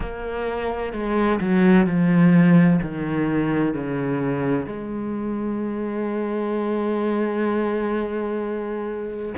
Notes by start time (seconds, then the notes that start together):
0.00 A#3
0.92 G#3
1.40 F#3
1.86 F3
2.82 D#3
3.73 C#3
4.65 G#3